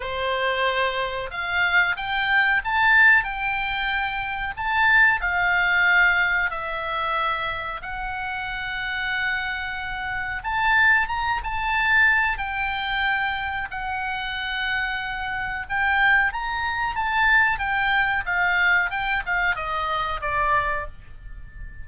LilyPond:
\new Staff \with { instrumentName = "oboe" } { \time 4/4 \tempo 4 = 92 c''2 f''4 g''4 | a''4 g''2 a''4 | f''2 e''2 | fis''1 |
a''4 ais''8 a''4. g''4~ | g''4 fis''2. | g''4 ais''4 a''4 g''4 | f''4 g''8 f''8 dis''4 d''4 | }